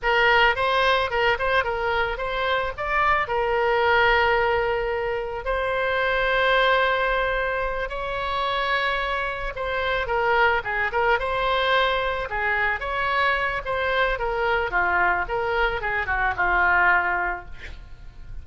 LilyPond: \new Staff \with { instrumentName = "oboe" } { \time 4/4 \tempo 4 = 110 ais'4 c''4 ais'8 c''8 ais'4 | c''4 d''4 ais'2~ | ais'2 c''2~ | c''2~ c''8 cis''4.~ |
cis''4. c''4 ais'4 gis'8 | ais'8 c''2 gis'4 cis''8~ | cis''4 c''4 ais'4 f'4 | ais'4 gis'8 fis'8 f'2 | }